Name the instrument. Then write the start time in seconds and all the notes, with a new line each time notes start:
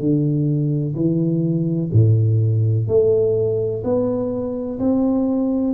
tuba
0.00 D3
0.96 E3
1.93 A2
2.88 A3
3.84 B3
4.80 C4